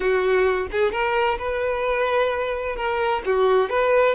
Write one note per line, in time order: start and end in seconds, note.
0.00 0.67 F#4
0.71 0.91 G#4
0.91 1.38 A#4
1.38 2.75 B4
2.75 3.22 A#4
3.25 3.69 F#4
3.69 4.15 B4